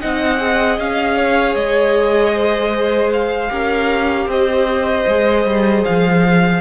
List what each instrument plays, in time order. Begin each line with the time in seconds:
0.00 cello C4, viola D#4, violin D#5 F#5
0.37 viola G#4
0.78 cello C#4, violin F5
1.17 violin C#5
1.55 cello G#3, violin D#5
2.34 violin C5
3.13 violin F5
3.49 cello C#4, viola G4, violin A#4
4.26 cello C4, violin C5 D#5
5.07 cello G#3, viola G#4
5.45 cello G3
5.85 cello F3, violin F5